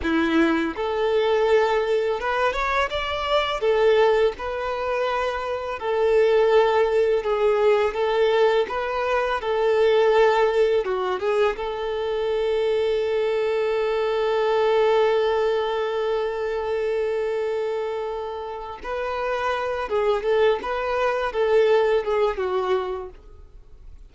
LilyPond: \new Staff \with { instrumentName = "violin" } { \time 4/4 \tempo 4 = 83 e'4 a'2 b'8 cis''8 | d''4 a'4 b'2 | a'2 gis'4 a'4 | b'4 a'2 fis'8 gis'8 |
a'1~ | a'1~ | a'2 b'4. gis'8 | a'8 b'4 a'4 gis'8 fis'4 | }